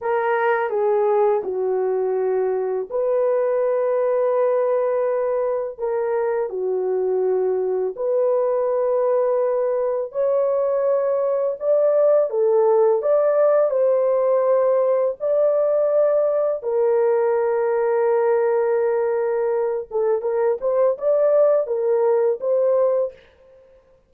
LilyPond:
\new Staff \with { instrumentName = "horn" } { \time 4/4 \tempo 4 = 83 ais'4 gis'4 fis'2 | b'1 | ais'4 fis'2 b'4~ | b'2 cis''2 |
d''4 a'4 d''4 c''4~ | c''4 d''2 ais'4~ | ais'2.~ ais'8 a'8 | ais'8 c''8 d''4 ais'4 c''4 | }